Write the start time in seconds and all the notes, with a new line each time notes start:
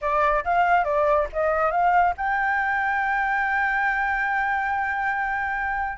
0.01 D5
0.44 F5
0.84 D5
1.33 D#5
1.71 F5
2.17 G5